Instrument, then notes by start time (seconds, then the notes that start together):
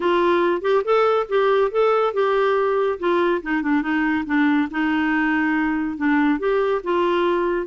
clarinet
0.00 F4
0.61 G4
0.84 A4
1.28 G4
1.71 A4
2.13 G4
2.99 F4
3.42 D#4
3.62 D4
3.82 D#4
4.26 D4
4.70 D#4
5.97 D4
6.39 G4
6.83 F4